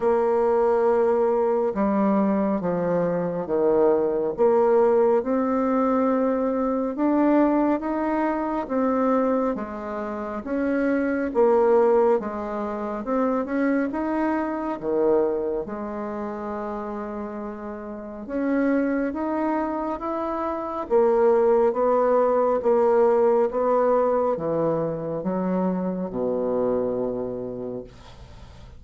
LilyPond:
\new Staff \with { instrumentName = "bassoon" } { \time 4/4 \tempo 4 = 69 ais2 g4 f4 | dis4 ais4 c'2 | d'4 dis'4 c'4 gis4 | cis'4 ais4 gis4 c'8 cis'8 |
dis'4 dis4 gis2~ | gis4 cis'4 dis'4 e'4 | ais4 b4 ais4 b4 | e4 fis4 b,2 | }